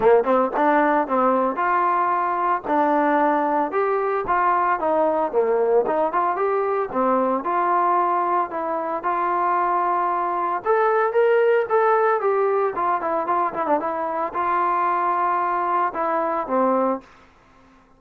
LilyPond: \new Staff \with { instrumentName = "trombone" } { \time 4/4 \tempo 4 = 113 ais8 c'8 d'4 c'4 f'4~ | f'4 d'2 g'4 | f'4 dis'4 ais4 dis'8 f'8 | g'4 c'4 f'2 |
e'4 f'2. | a'4 ais'4 a'4 g'4 | f'8 e'8 f'8 e'16 d'16 e'4 f'4~ | f'2 e'4 c'4 | }